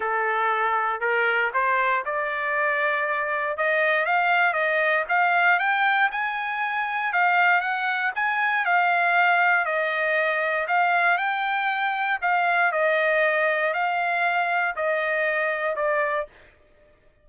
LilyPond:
\new Staff \with { instrumentName = "trumpet" } { \time 4/4 \tempo 4 = 118 a'2 ais'4 c''4 | d''2. dis''4 | f''4 dis''4 f''4 g''4 | gis''2 f''4 fis''4 |
gis''4 f''2 dis''4~ | dis''4 f''4 g''2 | f''4 dis''2 f''4~ | f''4 dis''2 d''4 | }